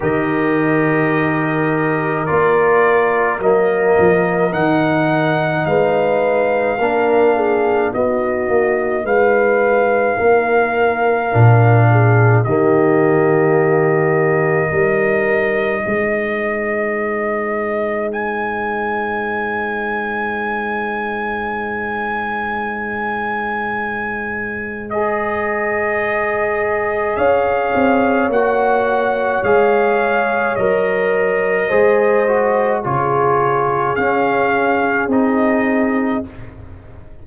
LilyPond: <<
  \new Staff \with { instrumentName = "trumpet" } { \time 4/4 \tempo 4 = 53 dis''2 d''4 dis''4 | fis''4 f''2 dis''4 | f''2. dis''4~ | dis''1 |
gis''1~ | gis''2 dis''2 | f''4 fis''4 f''4 dis''4~ | dis''4 cis''4 f''4 dis''4 | }
  \new Staff \with { instrumentName = "horn" } { \time 4/4 ais'1~ | ais'4 b'4 ais'8 gis'8 fis'4 | b'4 ais'4. gis'8 g'4~ | g'4 ais'4 c''2~ |
c''1~ | c''1 | cis''1 | c''4 gis'2. | }
  \new Staff \with { instrumentName = "trombone" } { \time 4/4 g'2 f'4 ais4 | dis'2 d'4 dis'4~ | dis'2 d'4 ais4~ | ais4 dis'2.~ |
dis'1~ | dis'2 gis'2~ | gis'4 fis'4 gis'4 ais'4 | gis'8 fis'8 f'4 cis'4 dis'4 | }
  \new Staff \with { instrumentName = "tuba" } { \time 4/4 dis2 ais4 fis8 f8 | dis4 gis4 ais4 b8 ais8 | gis4 ais4 ais,4 dis4~ | dis4 g4 gis2~ |
gis1~ | gis1 | cis'8 c'8 ais4 gis4 fis4 | gis4 cis4 cis'4 c'4 | }
>>